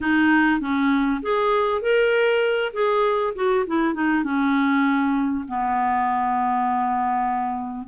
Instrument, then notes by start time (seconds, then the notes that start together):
clarinet
0.00 D#4
0.60 C#4
1.22 G#4
1.81 A#4
2.73 G#4
3.35 F#4
3.66 E4
3.94 D#4
4.23 C#4
5.48 B3